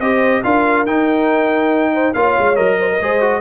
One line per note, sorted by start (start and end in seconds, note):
0.00 0.43 C4
0.00 0.44 G4
0.00 0.44 C5
0.00 0.43 D#5
0.44 0.86 D4
0.44 0.87 F4
0.44 1.93 A#4
0.44 0.86 F5
0.86 2.13 D#4
0.86 2.15 D#4
0.86 2.14 G5
1.93 2.14 C5
2.14 2.37 A#3
2.14 2.56 F4
2.14 2.78 C#5
2.14 2.56 F5
2.39 2.59 G#3
2.56 3.01 F#3
2.56 2.98 A#4
2.56 3.41 D#5
2.80 2.90 C5
2.93 3.03 A#4
3.01 3.41 G#3
3.01 3.21 G#4
3.01 3.41 C5
3.21 3.41 F#4